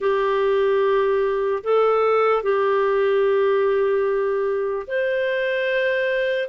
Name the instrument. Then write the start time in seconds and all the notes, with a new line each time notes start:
clarinet
0.00 G4
1.63 A4
2.43 G4
4.87 C5